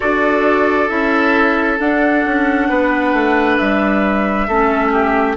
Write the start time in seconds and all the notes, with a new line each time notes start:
0.00 D4 F#4 A4 D5
0.88 C#4 E4 E5
1.79 D4 F#5
2.25 C#4
2.69 B3 B4
3.13 A3
3.57 G3 E5
4.47 A3 C#4 A4
4.92 G4